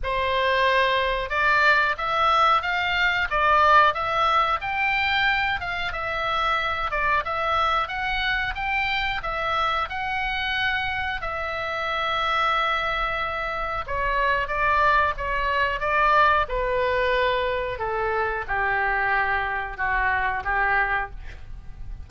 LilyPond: \new Staff \with { instrumentName = "oboe" } { \time 4/4 \tempo 4 = 91 c''2 d''4 e''4 | f''4 d''4 e''4 g''4~ | g''8 f''8 e''4. d''8 e''4 | fis''4 g''4 e''4 fis''4~ |
fis''4 e''2.~ | e''4 cis''4 d''4 cis''4 | d''4 b'2 a'4 | g'2 fis'4 g'4 | }